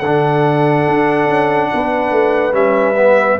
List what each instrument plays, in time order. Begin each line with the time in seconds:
0.00 tuba D3, trombone D4, horn A4, trumpet F#5
0.87 tuba D4
1.27 tuba C#4
1.74 tuba B3, horn B4
2.11 tuba A3
2.52 tuba G3, trombone C#4, trumpet E5
2.96 trombone B3